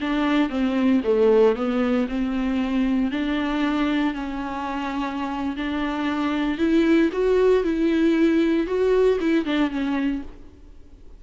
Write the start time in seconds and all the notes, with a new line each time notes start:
0.00 D4
0.49 C4
1.04 A3
1.55 B3
2.08 C4
3.11 D4
4.14 C#4
5.56 D4
6.58 E4
7.12 F#4
7.63 E4
8.67 F#4
9.20 E4
9.45 D4
9.70 C#4